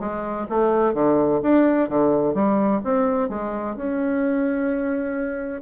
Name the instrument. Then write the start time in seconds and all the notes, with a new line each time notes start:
bassoon
0.00 G#3
0.50 A3
0.94 D3
1.42 D4
1.89 D3
2.35 G3
2.84 C4
3.29 G#3
3.77 C#4